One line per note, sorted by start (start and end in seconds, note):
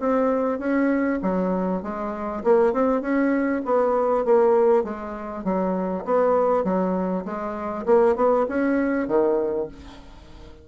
0.00 0.59 C4
0.59 1.20 C#4
1.22 1.83 F#3
1.83 2.43 G#3
2.44 2.73 A#3
2.73 3.01 C4
3.01 3.62 C#4
3.65 4.25 B3
4.25 4.84 A#3
4.84 5.44 G#3
5.44 6.05 F#3
6.05 6.64 B3
6.64 7.25 F#3
7.25 7.86 G#3
7.86 8.16 A#3
8.16 8.46 B3
8.49 9.08 C#4
9.08 9.68 D#3